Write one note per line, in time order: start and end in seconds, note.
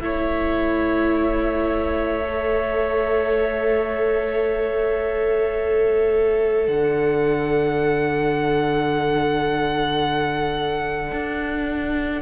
0.00 6.68 A3
0.00 2.23 E4
0.00 6.69 C#5
0.00 6.67 E5
2.25 12.22 A4
6.67 11.12 D3
6.67 12.22 D5
6.67 12.22 F#5
11.12 12.22 D4